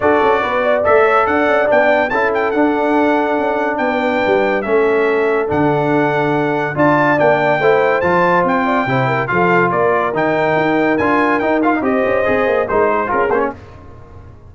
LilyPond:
<<
  \new Staff \with { instrumentName = "trumpet" } { \time 4/4 \tempo 4 = 142 d''2 e''4 fis''4 | g''4 a''8 g''8 fis''2~ | fis''4 g''2 e''4~ | e''4 fis''2. |
a''4 g''2 a''4 | g''2 f''4 d''4 | g''2 gis''4 g''8 f''8 | dis''2 c''4 ais'8 c''16 cis''16 | }
  \new Staff \with { instrumentName = "horn" } { \time 4/4 a'4 b'8 d''4 cis''8 d''4~ | d''4 a'2.~ | a'4 b'2 a'4~ | a'1 |
d''2 c''2~ | c''8 d''8 c''8 ais'8 a'4 ais'4~ | ais'1 | c''2 ais'8 gis'4. | }
  \new Staff \with { instrumentName = "trombone" } { \time 4/4 fis'2 a'2 | d'4 e'4 d'2~ | d'2. cis'4~ | cis'4 d'2. |
f'4 d'4 e'4 f'4~ | f'4 e'4 f'2 | dis'2 f'4 dis'8 f'16 dis'16 | g'4 gis'4 dis'4 f'8 cis'8 | }
  \new Staff \with { instrumentName = "tuba" } { \time 4/4 d'8 cis'8 b4 a4 d'8 cis'8 | b4 cis'4 d'2 | cis'4 b4 g4 a4~ | a4 d2. |
d'4 ais4 a4 f4 | c'4 c4 f4 ais4 | dis4 dis'4 d'4 dis'4 | c'8 cis'8 c'8 ais8 gis4 cis'8 ais8 | }
>>